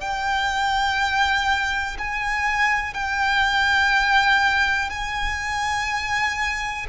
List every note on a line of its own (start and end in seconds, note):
0.00 1.97 G5
1.98 2.94 G#5
2.94 4.90 G5
4.90 6.86 G#5